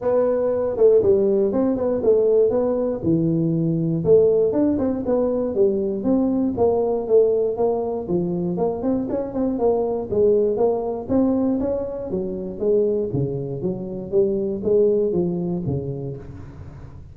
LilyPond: \new Staff \with { instrumentName = "tuba" } { \time 4/4 \tempo 4 = 119 b4. a8 g4 c'8 b8 | a4 b4 e2 | a4 d'8 c'8 b4 g4 | c'4 ais4 a4 ais4 |
f4 ais8 c'8 cis'8 c'8 ais4 | gis4 ais4 c'4 cis'4 | fis4 gis4 cis4 fis4 | g4 gis4 f4 cis4 | }